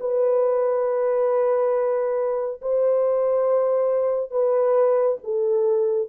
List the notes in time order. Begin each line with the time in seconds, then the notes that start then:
0.00 B4
2.62 C5
4.31 B4
5.24 A4